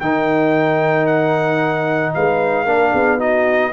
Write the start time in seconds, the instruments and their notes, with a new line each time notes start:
0.00 tuba D#3, trombone D#4, horn A#4, trumpet G5
1.06 trumpet F#5
2.14 tuba G#3, horn B4, trumpet F5
2.65 tuba A#3, trombone D4, horn A#4
2.91 tuba B3, horn G#4
3.18 trombone D#4, horn F#4, trumpet D#5